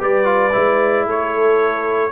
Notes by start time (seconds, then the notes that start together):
0.00 G3 G4 B4 D5
0.24 F4
0.52 G#3 E4
1.06 A3 A4 C#5